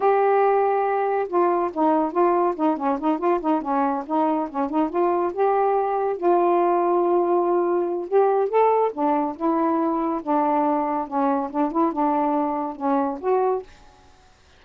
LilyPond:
\new Staff \with { instrumentName = "saxophone" } { \time 4/4 \tempo 4 = 141 g'2. f'4 | dis'4 f'4 dis'8 cis'8 dis'8 f'8 | dis'8 cis'4 dis'4 cis'8 dis'8 f'8~ | f'8 g'2 f'4.~ |
f'2. g'4 | a'4 d'4 e'2 | d'2 cis'4 d'8 e'8 | d'2 cis'4 fis'4 | }